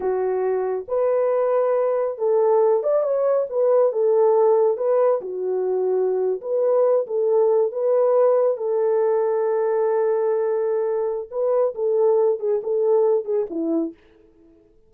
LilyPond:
\new Staff \with { instrumentName = "horn" } { \time 4/4 \tempo 4 = 138 fis'2 b'2~ | b'4 a'4. d''8 cis''4 | b'4 a'2 b'4 | fis'2~ fis'8. b'4~ b'16~ |
b'16 a'4. b'2 a'16~ | a'1~ | a'2 b'4 a'4~ | a'8 gis'8 a'4. gis'8 e'4 | }